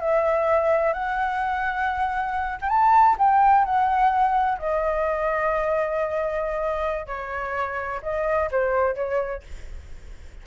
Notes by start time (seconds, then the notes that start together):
0.00 E5
0.93 F#5
2.61 G5
2.69 A5
3.18 G5
3.65 F#5
4.58 D#5
7.07 C#5
8.03 D#5
8.51 C5
8.95 C#5